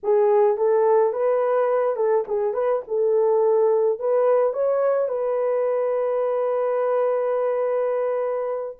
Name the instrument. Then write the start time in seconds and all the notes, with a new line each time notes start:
horn
0.03 G#4
0.57 A4
1.12 B4
1.96 A4
2.27 G#4
2.53 B4
2.87 A4
3.99 B4
4.53 C#5
5.08 B4